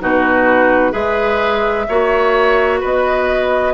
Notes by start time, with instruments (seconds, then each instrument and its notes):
0.00 bassoon B2, clarinet D#4, oboe F#4, flute B4
0.91 bassoon G#3, clarinet G#4, oboe B4, flute E5
1.88 bassoon A#3, clarinet F#4, oboe C#5
2.79 bassoon B3, oboe B4, flute D#5